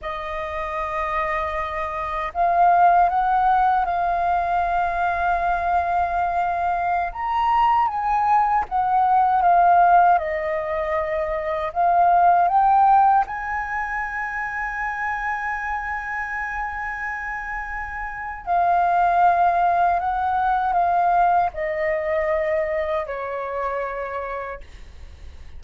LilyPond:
\new Staff \with { instrumentName = "flute" } { \time 4/4 \tempo 4 = 78 dis''2. f''4 | fis''4 f''2.~ | f''4~ f''16 ais''4 gis''4 fis''8.~ | fis''16 f''4 dis''2 f''8.~ |
f''16 g''4 gis''2~ gis''8.~ | gis''1 | f''2 fis''4 f''4 | dis''2 cis''2 | }